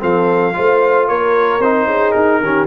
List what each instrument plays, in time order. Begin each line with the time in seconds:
0.00 tuba F3, trombone C4, horn A4, trumpet F5
0.53 tuba A3, trombone F4, horn C5
1.08 tuba A#3, horn A#4, trumpet C#5
1.60 tuba C4, trombone D#4, trumpet C5
1.87 tuba C#4, horn G#4
2.12 tuba D#4, trumpet A#4
2.41 tuba D#3, trombone C#4, horn G4